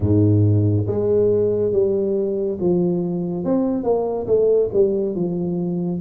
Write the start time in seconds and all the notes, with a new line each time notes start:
0.00 G#2
0.86 G#3
1.72 G3
2.59 F3
3.44 C4
3.83 A#3
4.26 A3
4.73 G3
5.15 F3